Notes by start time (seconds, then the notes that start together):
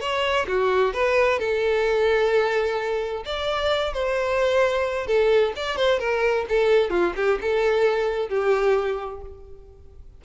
0.00 C#5
0.47 F#4
0.93 B4
1.39 A4
3.25 D5
3.93 C5
5.06 A4
5.56 D5
5.76 C5
5.99 A#4
6.48 A4
6.90 F4
7.16 G4
7.41 A4
8.28 G4